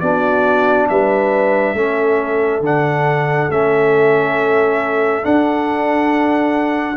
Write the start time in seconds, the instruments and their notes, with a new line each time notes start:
0.00 tuba B3, trombone D4, horn F#4, trumpet D5
0.89 tuba G3, horn B4, trumpet E5
1.74 tuba A3, trombone C#4, horn A4
2.61 tuba D3, trombone D4, trumpet F#5
3.50 tuba A3, trombone C#4, trumpet E5
5.22 trombone D4, tuba D4, trumpet F#5